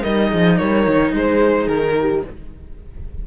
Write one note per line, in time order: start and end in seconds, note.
0.00 0.32 G3
0.00 2.20 D#4
0.00 0.29 A#4
0.00 0.57 D#5
0.29 0.60 F3
0.29 0.56 G#4
0.57 0.87 G3
0.57 1.12 A#4
0.57 1.12 C#5
0.87 1.13 D#3
1.13 1.67 G#3
1.13 1.95 G#4
1.13 1.68 C5
1.67 2.22 D#3
1.67 2.23 A#4
1.99 2.27 G4